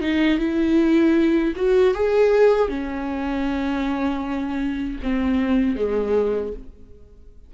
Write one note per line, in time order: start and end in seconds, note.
0.00 0.38 D#4
0.38 1.53 E4
1.56 1.94 F#4
1.94 2.68 G#4
2.68 4.99 C#4
5.02 5.76 C4
5.76 6.52 G#3